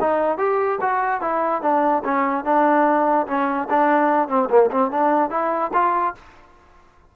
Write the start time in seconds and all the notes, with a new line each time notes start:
0.00 D#4
0.38 G4
0.81 F#4
1.21 E4
1.62 D4
2.04 C#4
2.45 D4
3.27 C#4
3.70 D4
4.28 C4
4.50 A#3
4.71 C4
4.91 D4
5.30 E4
5.73 F4